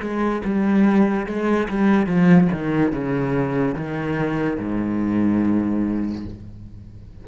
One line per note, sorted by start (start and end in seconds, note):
0.00 0.42 G#3
0.45 1.26 G3
1.26 1.68 G#3
1.69 2.06 G3
2.06 2.48 F3
2.52 2.92 D#3
2.92 3.75 C#3
3.75 4.58 D#3
4.59 6.25 G#2